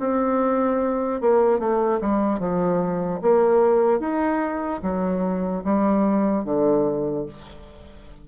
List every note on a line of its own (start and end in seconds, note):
0.00 1.22 C4
1.22 1.60 A#3
1.60 2.00 A3
2.01 2.40 G3
2.40 3.21 F3
3.22 4.00 A#3
4.00 4.81 D#4
4.83 5.64 F#3
5.64 6.45 G3
6.45 7.26 D3